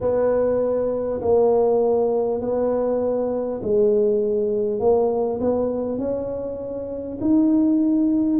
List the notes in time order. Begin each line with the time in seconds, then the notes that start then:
0.00 B3
1.21 A#3
2.40 B3
3.63 G#3
4.79 A#3
5.40 B3
5.98 C#4
7.21 D#4